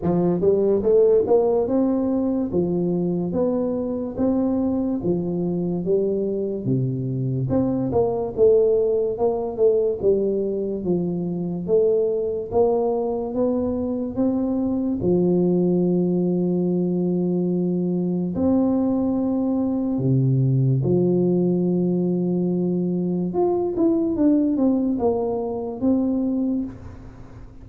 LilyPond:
\new Staff \with { instrumentName = "tuba" } { \time 4/4 \tempo 4 = 72 f8 g8 a8 ais8 c'4 f4 | b4 c'4 f4 g4 | c4 c'8 ais8 a4 ais8 a8 | g4 f4 a4 ais4 |
b4 c'4 f2~ | f2 c'2 | c4 f2. | f'8 e'8 d'8 c'8 ais4 c'4 | }